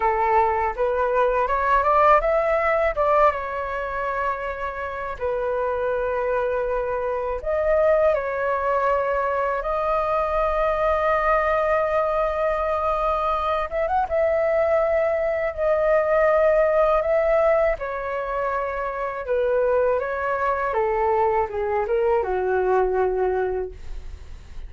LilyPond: \new Staff \with { instrumentName = "flute" } { \time 4/4 \tempo 4 = 81 a'4 b'4 cis''8 d''8 e''4 | d''8 cis''2~ cis''8 b'4~ | b'2 dis''4 cis''4~ | cis''4 dis''2.~ |
dis''2~ dis''8 e''16 fis''16 e''4~ | e''4 dis''2 e''4 | cis''2 b'4 cis''4 | a'4 gis'8 ais'8 fis'2 | }